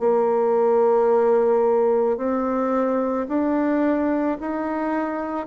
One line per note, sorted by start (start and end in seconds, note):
0.00 2.18 A#3
2.18 3.27 C4
3.29 4.38 D4
4.41 5.47 D#4